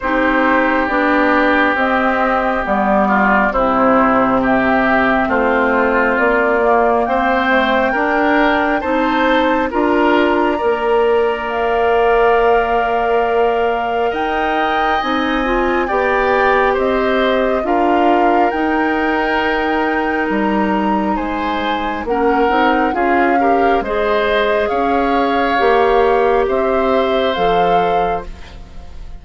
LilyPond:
<<
  \new Staff \with { instrumentName = "flute" } { \time 4/4 \tempo 4 = 68 c''4 d''4 dis''4 d''4 | c''4 e''4 c''4 d''4 | g''2 a''4 ais''4~ | ais''4 f''2. |
g''4 gis''4 g''4 dis''4 | f''4 g''2 ais''4 | gis''4 fis''4 f''4 dis''4 | f''2 e''4 f''4 | }
  \new Staff \with { instrumentName = "oboe" } { \time 4/4 g'2.~ g'8 f'8 | e'4 g'4 f'2 | c''4 ais'4 c''4 ais'4 | d''1 |
dis''2 d''4 c''4 | ais'1 | c''4 ais'4 gis'8 ais'8 c''4 | cis''2 c''2 | }
  \new Staff \with { instrumentName = "clarinet" } { \time 4/4 dis'4 d'4 c'4 b4 | c'2.~ c'8 ais8~ | ais8 a8 d'4 dis'4 f'4 | ais'1~ |
ais'4 dis'8 f'8 g'2 | f'4 dis'2.~ | dis'4 cis'8 dis'8 f'8 g'8 gis'4~ | gis'4 g'2 a'4 | }
  \new Staff \with { instrumentName = "bassoon" } { \time 4/4 c'4 b4 c'4 g4 | c2 a4 ais4 | c'4 d'4 c'4 d'4 | ais1 |
dis'4 c'4 b4 c'4 | d'4 dis'2 g4 | gis4 ais8 c'8 cis'4 gis4 | cis'4 ais4 c'4 f4 | }
>>